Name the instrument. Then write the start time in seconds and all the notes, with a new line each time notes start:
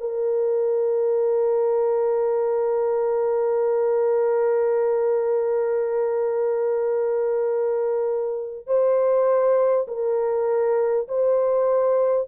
horn
0.00 A#4
8.66 C5
9.87 A#4
11.08 C5